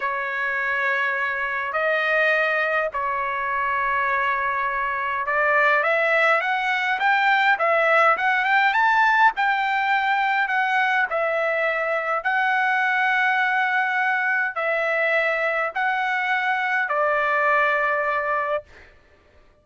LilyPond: \new Staff \with { instrumentName = "trumpet" } { \time 4/4 \tempo 4 = 103 cis''2. dis''4~ | dis''4 cis''2.~ | cis''4 d''4 e''4 fis''4 | g''4 e''4 fis''8 g''8 a''4 |
g''2 fis''4 e''4~ | e''4 fis''2.~ | fis''4 e''2 fis''4~ | fis''4 d''2. | }